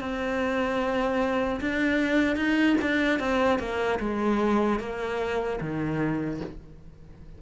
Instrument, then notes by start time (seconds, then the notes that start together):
cello
0.00 C4
1.60 D4
2.36 D#4
2.81 D4
3.19 C4
3.59 A#3
3.99 G#3
4.79 A#3
5.60 D#3